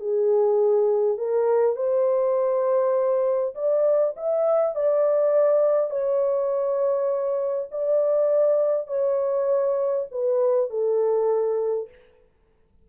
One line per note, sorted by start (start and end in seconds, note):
0.00 1.18 G#4
1.18 1.76 A#4
1.76 3.55 C5
3.55 4.14 D5
4.17 4.75 E5
4.75 5.91 D5
5.91 7.69 C#5
7.71 8.88 D5
8.88 10.06 C#5
10.11 10.70 B4
10.70 11.89 A4